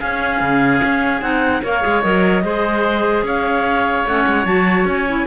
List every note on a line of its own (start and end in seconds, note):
0.00 1.22 C#4
0.00 0.41 C#4
0.00 1.62 G#4
0.00 1.22 F5
0.41 0.81 C#3
0.84 1.22 C#4
1.22 1.62 C4
1.22 1.62 D#4
1.22 1.62 F#5
1.64 1.84 A#3
1.64 1.82 A#4
1.64 2.45 C#5
1.64 2.03 F5
1.82 2.05 G#3
1.82 2.02 G#4
2.03 2.44 F#3
2.03 2.44 A#4
2.03 3.24 D#5
2.44 3.23 G#3
2.44 4.07 G#4
2.44 3.26 C5
3.23 4.05 C#4
3.23 5.27 C#5
3.23 4.08 F5
4.06 4.26 A3
4.06 4.47 C#4
4.06 4.46 F#5
4.27 4.46 G#3
4.46 4.85 F#3
4.46 5.07 F#4
4.46 4.86 A5
4.85 5.26 C#4
4.85 5.27 G#5
5.08 5.27 E4